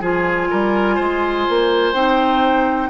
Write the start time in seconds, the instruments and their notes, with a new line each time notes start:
0.00 bassoon F3, clarinet F4, oboe G#4, flute G#5
0.50 bassoon G3, oboe A#4
0.95 bassoon G#3, oboe C5
1.49 bassoon A#3
1.93 bassoon C4, clarinet D#4, flute G5